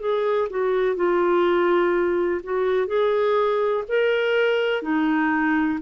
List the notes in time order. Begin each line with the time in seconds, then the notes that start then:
0.00 G#4
0.50 F#4
0.96 F4
2.44 F#4
2.87 G#4
3.88 A#4
4.83 D#4